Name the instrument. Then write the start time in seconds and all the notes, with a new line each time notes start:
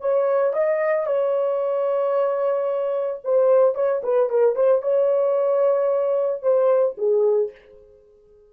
horn
0.00 C#5
0.53 D#5
1.06 C#5
3.24 C5
3.75 C#5
4.03 B4
4.29 A#4
4.55 C5
4.82 C#5
6.42 C5
6.97 G#4